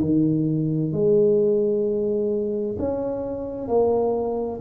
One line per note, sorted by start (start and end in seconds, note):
0.00 0.92 D#3
0.92 2.77 G#3
2.79 3.68 C#4
3.68 4.60 A#3